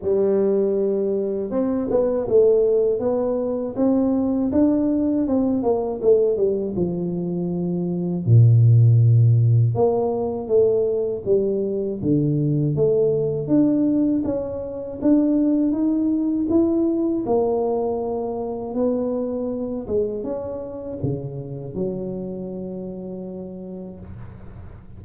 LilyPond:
\new Staff \with { instrumentName = "tuba" } { \time 4/4 \tempo 4 = 80 g2 c'8 b8 a4 | b4 c'4 d'4 c'8 ais8 | a8 g8 f2 ais,4~ | ais,4 ais4 a4 g4 |
d4 a4 d'4 cis'4 | d'4 dis'4 e'4 ais4~ | ais4 b4. gis8 cis'4 | cis4 fis2. | }